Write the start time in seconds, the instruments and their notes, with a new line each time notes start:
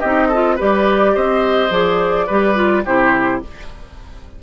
0.00 bassoon C4, clarinet D#4, oboe G4, flute D#5
0.28 clarinet F4, oboe A4
0.55 bassoon G3, clarinet G4, oboe B4, flute D5
1.15 bassoon C4, oboe C5, flute D#5
1.70 bassoon F3, clarinet G#4, flute D5
2.26 bassoon G3, clarinet G4, oboe B4
2.55 clarinet F4
2.85 bassoon C3, clarinet E4, oboe G4, flute C5